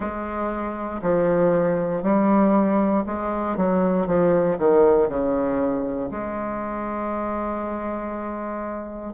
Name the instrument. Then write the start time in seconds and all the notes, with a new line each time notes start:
bassoon
0.00 G#3
1.02 F3
2.02 G3
3.06 G#3
3.56 F#3
4.07 F3
4.58 D#3
5.08 C#3
6.11 G#3